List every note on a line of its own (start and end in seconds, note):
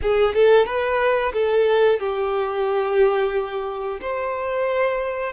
0.02 0.34 G#4
0.34 0.65 A4
0.65 1.32 B4
1.33 1.99 A4
1.99 3.99 G4
4.01 5.32 C5